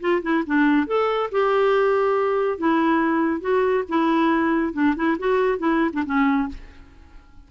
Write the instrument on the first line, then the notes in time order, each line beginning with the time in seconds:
clarinet
0.00 F4
0.22 E4
0.46 D4
0.86 A4
1.31 G4
2.57 E4
3.40 F#4
3.88 E4
4.73 D4
4.95 E4
5.18 F#4
5.58 E4
5.93 D4
6.05 C#4